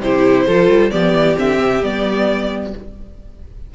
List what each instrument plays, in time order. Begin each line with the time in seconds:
0.00 cello C3, viola E4, violin G4 C5
0.46 cello F3, viola F4, violin A4
0.68 cello G3
0.91 cello F3, viola B3, violin G4 D5
1.14 cello E3
1.36 cello D3, viola C4, violin E5
1.60 cello C3
1.83 cello G3, viola B3, violin D5